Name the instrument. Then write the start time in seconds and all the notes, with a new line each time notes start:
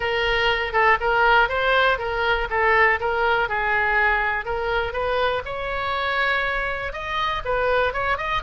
oboe
0.00 A#4
0.72 A4
1.00 A#4
1.49 C5
1.98 A#4
2.50 A4
3.00 A#4
3.48 G#4
4.45 A#4
4.92 B4
5.45 C#5
6.93 D#5
7.44 B4
7.93 C#5
8.17 D#5